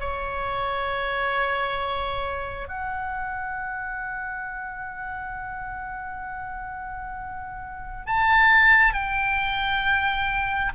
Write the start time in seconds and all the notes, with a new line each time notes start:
0.00 C#5
2.69 F#5
8.06 A5
8.94 G5